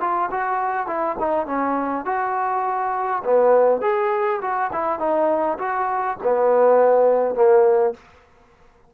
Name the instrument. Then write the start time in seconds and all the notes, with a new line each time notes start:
trombone
0.00 F4
0.30 F#4
0.86 E4
1.19 D#4
1.46 C#4
2.05 F#4
3.24 B3
3.81 G#4
4.41 F#4
4.72 E4
4.99 D#4
5.58 F#4
6.23 B3
7.34 A#3